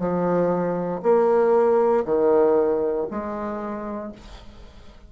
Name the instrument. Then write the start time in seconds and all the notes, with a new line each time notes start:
bassoon
0.00 F3
1.03 A#3
2.06 D#3
3.11 G#3